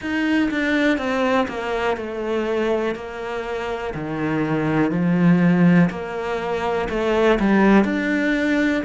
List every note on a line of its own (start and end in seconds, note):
0.00 0.50 D#4
0.50 0.97 D4
0.97 1.47 C4
1.48 1.96 A#3
1.96 2.95 A3
2.95 3.93 A#3
3.94 4.91 D#3
4.91 5.89 F3
5.90 6.88 A#3
6.89 7.38 A3
7.39 7.84 G3
7.84 8.83 D4